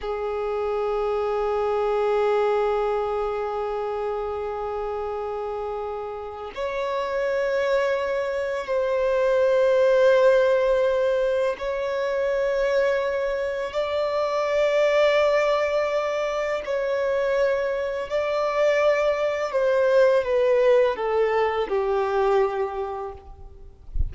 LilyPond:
\new Staff \with { instrumentName = "violin" } { \time 4/4 \tempo 4 = 83 gis'1~ | gis'1~ | gis'4 cis''2. | c''1 |
cis''2. d''4~ | d''2. cis''4~ | cis''4 d''2 c''4 | b'4 a'4 g'2 | }